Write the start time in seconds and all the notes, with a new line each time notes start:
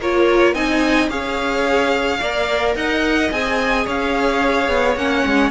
0.00 A#3 F4 A#4 C#5
0.54 C4 D#4 D#5 G#5
1.10 C#4 G#4 C#5 F5
2.21 A#3 A#4 D5
2.76 D#4 D#5 F#5
3.32 C4 G#4 G#5
3.86 C#4 C#5 F5
4.69 B3
4.96 A#3 C#4 F#5
5.26 G#3